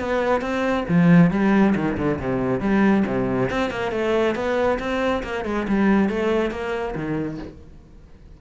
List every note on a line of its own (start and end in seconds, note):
0.00 0.41 B3
0.41 0.85 C4
0.89 1.31 F3
1.31 1.75 G3
1.75 1.97 D#3
1.97 2.19 D3
2.19 2.60 C3
2.60 3.04 G3
3.07 3.50 C3
3.50 3.71 C4
3.71 3.92 A#3
3.92 4.35 A3
4.35 4.79 B3
4.79 5.23 C4
5.24 5.45 A#3
5.45 5.67 G#3
5.68 6.09 G3
6.09 6.51 A3
6.51 6.95 A#3
6.95 7.39 D#3